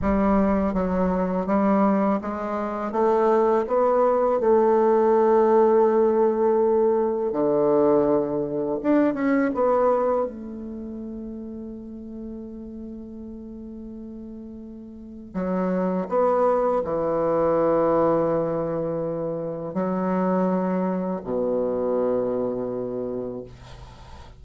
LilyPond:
\new Staff \with { instrumentName = "bassoon" } { \time 4/4 \tempo 4 = 82 g4 fis4 g4 gis4 | a4 b4 a2~ | a2 d2 | d'8 cis'8 b4 a2~ |
a1~ | a4 fis4 b4 e4~ | e2. fis4~ | fis4 b,2. | }